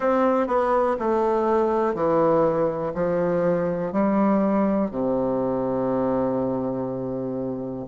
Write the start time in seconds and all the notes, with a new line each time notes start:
0.00 C4
0.47 B3
0.99 A3
1.94 E3
2.94 F3
3.92 G3
4.90 C3